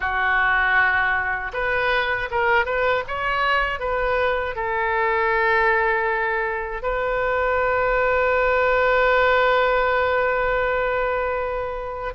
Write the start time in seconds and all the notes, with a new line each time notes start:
0.00 F#4
1.53 B4
2.31 A#4
2.65 B4
3.07 C#5
3.79 B4
4.55 A4
6.82 B4